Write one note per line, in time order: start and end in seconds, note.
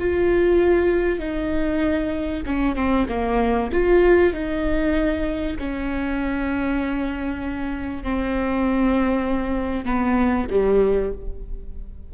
0.00 1.19 F4
1.19 2.43 D#4
2.46 2.76 C#4
2.76 3.07 C4
3.09 3.71 A#3
3.73 4.34 F4
4.34 5.57 D#4
5.59 8.04 C#4
8.04 9.85 C4
9.85 10.47 B3
10.51 11.13 G3